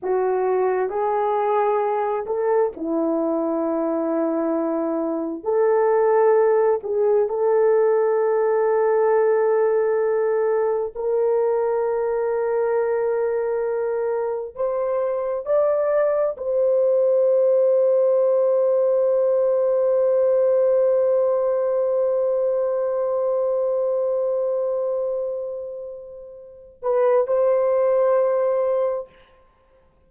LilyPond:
\new Staff \with { instrumentName = "horn" } { \time 4/4 \tempo 4 = 66 fis'4 gis'4. a'8 e'4~ | e'2 a'4. gis'8 | a'1 | ais'1 |
c''4 d''4 c''2~ | c''1~ | c''1~ | c''4. b'8 c''2 | }